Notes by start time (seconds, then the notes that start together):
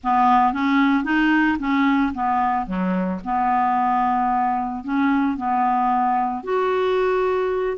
0.03 B3
0.53 C#4
1.04 D#4
1.59 C#4
2.14 B3
2.66 F#3
3.24 B3
4.84 C#4
5.37 B3
6.43 F#4